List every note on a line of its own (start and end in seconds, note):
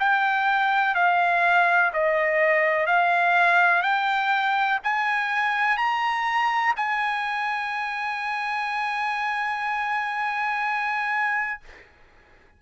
0.00 0.95 G5
0.95 1.92 F5
1.94 2.87 D#5
2.87 3.83 F5
3.83 4.79 G5
4.84 5.78 G#5
5.78 6.74 A#5
6.77 11.60 G#5